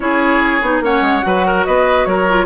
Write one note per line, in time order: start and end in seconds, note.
0.00 0.61 C#4
0.00 0.61 E4
0.00 0.84 G#4
0.00 0.80 C#5
0.61 0.80 B3
0.61 0.83 D#4
0.80 1.01 A#3
0.80 1.21 C#4
0.80 1.25 C#5
0.80 1.64 F#5
1.01 1.22 G#3
1.21 1.66 F#3
1.21 2.25 F#4
1.21 1.46 B4
1.46 1.66 A#4
1.64 2.05 B3
1.64 2.07 B4
1.64 2.05 D#5
2.05 2.46 F#3
2.05 2.46 A#4
2.05 2.46 C#5
2.29 2.46 F4